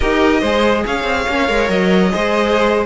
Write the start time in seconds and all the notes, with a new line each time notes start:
0.00 D#4 G4 A#4 D#5
0.41 G#3 G#4 C5
0.86 C#4 C#5 F5
1.03 C4
1.28 A#3 C#4
1.48 G#3 A#4
1.69 F#3 D#5
2.09 G#3 G#4 C5